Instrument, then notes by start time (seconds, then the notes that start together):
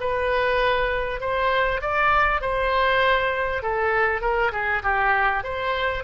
oboe
0.00 B4
1.21 C5
1.81 D5
2.41 C5
3.63 A4
4.21 A#4
4.52 G#4
4.83 G4
5.44 C5